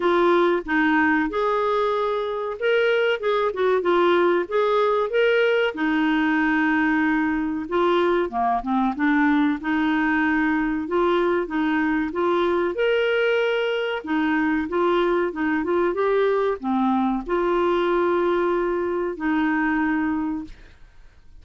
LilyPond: \new Staff \with { instrumentName = "clarinet" } { \time 4/4 \tempo 4 = 94 f'4 dis'4 gis'2 | ais'4 gis'8 fis'8 f'4 gis'4 | ais'4 dis'2. | f'4 ais8 c'8 d'4 dis'4~ |
dis'4 f'4 dis'4 f'4 | ais'2 dis'4 f'4 | dis'8 f'8 g'4 c'4 f'4~ | f'2 dis'2 | }